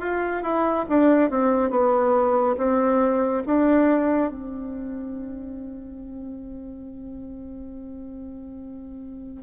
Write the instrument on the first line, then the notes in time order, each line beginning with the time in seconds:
bassoon
0.00 F4
0.43 E4
0.89 D4
1.31 C4
1.71 B3
2.58 C4
3.46 D4
4.31 C4